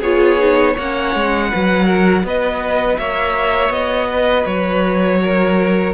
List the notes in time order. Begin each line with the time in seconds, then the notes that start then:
0.00 B3 F4 G#4 C#5
0.39 D#4
0.74 A#3 C#5 F#5
0.80 C#4
1.15 G#3
1.50 F#3 F#4 B4
1.86 A#4
2.23 B3 B4 D#5
2.98 A#3 C#5 E5
3.70 B3 D#5
4.08 B4
4.46 F#3 C#5
5.22 A#4